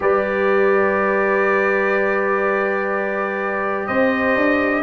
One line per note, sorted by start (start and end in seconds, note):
0.00 3.87 G3
0.00 4.83 G4
0.00 3.87 B4
0.00 3.87 D5
3.87 4.35 C4
3.87 4.83 C5
3.87 4.83 D#5
4.35 4.83 D4